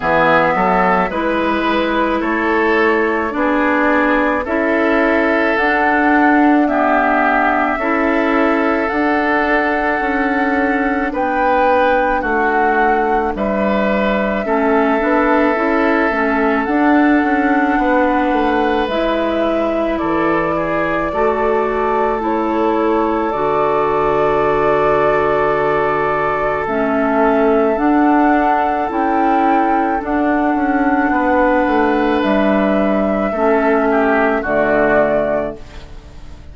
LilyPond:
<<
  \new Staff \with { instrumentName = "flute" } { \time 4/4 \tempo 4 = 54 e''4 b'4 cis''4 d''4 | e''4 fis''4 e''2 | fis''2 g''4 fis''4 | e''2. fis''4~ |
fis''4 e''4 d''2 | cis''4 d''2. | e''4 fis''4 g''4 fis''4~ | fis''4 e''2 d''4 | }
  \new Staff \with { instrumentName = "oboe" } { \time 4/4 gis'8 a'8 b'4 a'4 gis'4 | a'2 g'4 a'4~ | a'2 b'4 fis'4 | b'4 a'2. |
b'2 a'8 gis'8 a'4~ | a'1~ | a'1 | b'2 a'8 g'8 fis'4 | }
  \new Staff \with { instrumentName = "clarinet" } { \time 4/4 b4 e'2 d'4 | e'4 d'4 b4 e'4 | d'1~ | d'4 cis'8 d'8 e'8 cis'8 d'4~ |
d'4 e'2 fis'4 | e'4 fis'2. | cis'4 d'4 e'4 d'4~ | d'2 cis'4 a4 | }
  \new Staff \with { instrumentName = "bassoon" } { \time 4/4 e8 fis8 gis4 a4 b4 | cis'4 d'2 cis'4 | d'4 cis'4 b4 a4 | g4 a8 b8 cis'8 a8 d'8 cis'8 |
b8 a8 gis4 e4 a4~ | a4 d2. | a4 d'4 cis'4 d'8 cis'8 | b8 a8 g4 a4 d4 | }
>>